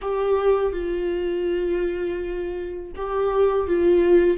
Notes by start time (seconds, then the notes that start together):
0.01 G4
0.72 F4
2.96 G4
3.67 F4